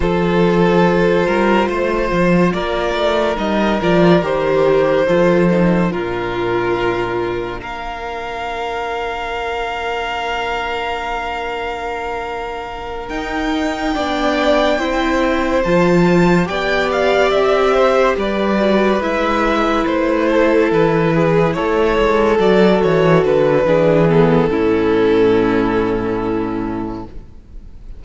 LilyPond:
<<
  \new Staff \with { instrumentName = "violin" } { \time 4/4 \tempo 4 = 71 c''2. d''4 | dis''8 d''8 c''2 ais'4~ | ais'4 f''2.~ | f''2.~ f''8 g''8~ |
g''2~ g''8 a''4 g''8 | f''8 e''4 d''4 e''4 c''8~ | c''8 b'4 cis''4 d''8 cis''8 b'8~ | b'8 a'2.~ a'8 | }
  \new Staff \with { instrumentName = "violin" } { \time 4/4 a'4. ais'8 c''4 ais'4~ | ais'2 a'4 f'4~ | f'4 ais'2.~ | ais'1~ |
ais'8 d''4 c''2 d''8~ | d''4 c''8 b'2~ b'8 | a'4 gis'8 a'2~ a'8 | gis'4 e'2. | }
  \new Staff \with { instrumentName = "viola" } { \time 4/4 f'1 | dis'8 f'8 g'4 f'8 dis'8 d'4~ | d'1~ | d'2.~ d'8 dis'8~ |
dis'8 d'4 e'4 f'4 g'8~ | g'2 fis'8 e'4.~ | e'2~ e'8 fis'4. | d'8 b8 cis'2. | }
  \new Staff \with { instrumentName = "cello" } { \time 4/4 f4. g8 a8 f8 ais8 a8 | g8 f8 dis4 f4 ais,4~ | ais,4 ais2.~ | ais2.~ ais8 dis'8~ |
dis'8 b4 c'4 f4 b8~ | b8 c'4 g4 gis4 a8~ | a8 e4 a8 gis8 fis8 e8 d8 | e4 a,2. | }
>>